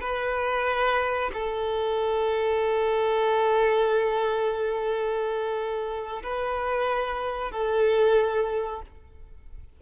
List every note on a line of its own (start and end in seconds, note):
0.00 1.30 B4
1.33 6.22 A4
6.23 7.51 B4
7.51 8.82 A4